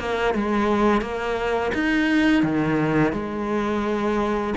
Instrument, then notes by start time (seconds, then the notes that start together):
cello
0.00 A#3
0.35 G#3
1.02 A#3
1.75 D#4
2.43 D#3
3.13 G#3